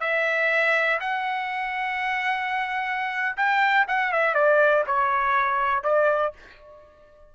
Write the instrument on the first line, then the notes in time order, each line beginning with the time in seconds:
trumpet
0.00 E5
1.00 F#5
3.36 G5
3.87 F#5
4.12 E5
4.34 D5
4.86 C#5
5.83 D5